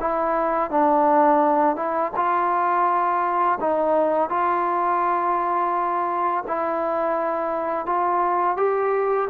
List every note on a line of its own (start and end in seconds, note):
0.00 0.70 E4
0.70 1.76 D4
1.76 2.11 E4
2.16 3.59 F4
3.60 4.30 D#4
4.30 6.44 F4
6.47 7.86 E4
7.86 8.57 F4
8.57 9.28 G4